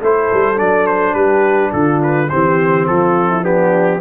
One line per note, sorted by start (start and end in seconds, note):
0.00 0.30 A3
0.00 0.55 E4
0.00 1.14 A4
0.00 0.59 C5
0.33 0.60 G3
0.55 1.14 F#3
0.55 2.27 D4
0.55 0.87 D5
0.87 1.14 C5
1.14 1.71 G3
1.14 1.71 G4
1.14 1.71 B4
1.72 2.30 D3
1.72 2.29 F4
1.72 2.01 A4
2.03 2.29 B4
2.29 2.88 E3
2.29 3.42 C4
2.29 2.89 G4
2.29 2.86 C5
2.87 4.01 F3
2.87 3.29 F4
2.87 3.44 A4
3.29 3.43 E4
3.42 4.00 B3
3.42 4.00 D4
3.42 4.01 G4